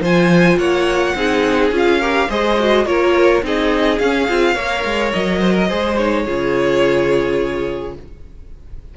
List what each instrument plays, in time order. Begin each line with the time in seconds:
0.00 cello F3, viola F4, violin C5 G#5
0.57 cello A#3, violin C#5 F#5
1.15 cello C4, viola D#4, violin G#4
1.71 cello C#4, viola F4
1.77 violin F5
2.00 viola G4, violin A#4
2.29 cello G#3, viola G#4, violin C5 D#5
2.59 viola F#4
2.85 cello A#3, viola F4, violin A#4 C#5
3.42 cello C4, viola D#4, violin G#4 D#5
3.98 cello C#4, viola C#4, violin F5
4.28 cello C4, viola F4
4.53 cello A#3, viola A#4, violin C#5
4.84 cello G#3
5.12 cello F#3, violin D#5
5.39 violin C5
5.54 violin A#4
5.67 cello G#3, viola G#4, violin C5
5.96 viola D#4, violin C#5
6.24 cello C#3, viola F4, violin G#4